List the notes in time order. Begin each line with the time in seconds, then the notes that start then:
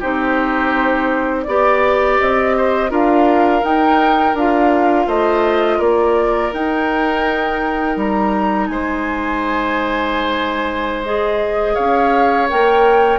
0.00 C4 D#4 G4 C5
1.44 B3 G4 D5
2.20 C4 D#5
2.57 C5
2.90 D4 F4 A#4 F5
3.62 D#4 G5
4.34 D4 F4 F5
5.07 A3 C5 D#5
5.78 A#3 A#4 D5
6.53 D#4 G5
7.97 G3 A#5
8.68 G#3 C5 G#5
11.03 G#4 D#5
11.75 C#4 C#5 F5
12.49 A#3 A#4 G5